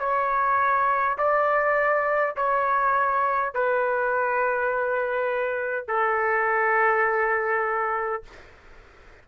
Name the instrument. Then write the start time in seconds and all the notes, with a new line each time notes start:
trumpet
0.00 C#5
1.19 D5
2.37 C#5
3.55 B4
5.88 A4